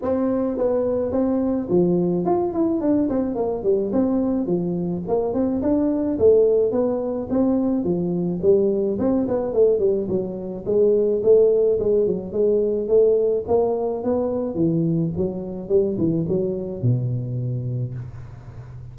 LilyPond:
\new Staff \with { instrumentName = "tuba" } { \time 4/4 \tempo 4 = 107 c'4 b4 c'4 f4 | f'8 e'8 d'8 c'8 ais8 g8 c'4 | f4 ais8 c'8 d'4 a4 | b4 c'4 f4 g4 |
c'8 b8 a8 g8 fis4 gis4 | a4 gis8 fis8 gis4 a4 | ais4 b4 e4 fis4 | g8 e8 fis4 b,2 | }